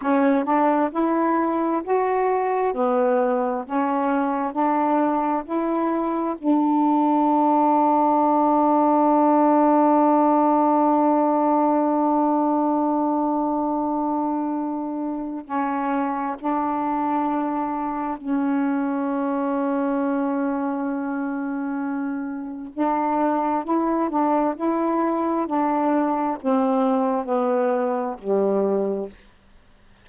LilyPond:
\new Staff \with { instrumentName = "saxophone" } { \time 4/4 \tempo 4 = 66 cis'8 d'8 e'4 fis'4 b4 | cis'4 d'4 e'4 d'4~ | d'1~ | d'1~ |
d'4 cis'4 d'2 | cis'1~ | cis'4 d'4 e'8 d'8 e'4 | d'4 c'4 b4 g4 | }